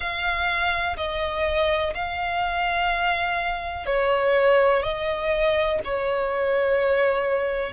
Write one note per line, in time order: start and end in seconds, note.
0.00 0.96 F5
0.96 1.93 D#5
1.94 3.85 F5
3.85 4.82 C#5
4.83 5.79 D#5
5.84 7.72 C#5